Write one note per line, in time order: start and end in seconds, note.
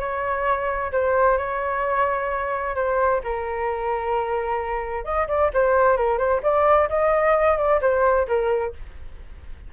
0.00 0.92 C#5
0.92 1.37 C5
1.38 2.75 C#5
2.75 3.21 C5
3.24 5.04 A#4
5.04 5.27 D#5
5.28 5.50 D5
5.54 5.97 C5
5.97 6.18 A#4
6.18 6.41 C5
6.43 6.88 D5
6.89 7.57 D#5
7.57 7.80 D5
7.81 8.27 C5
8.27 8.73 A#4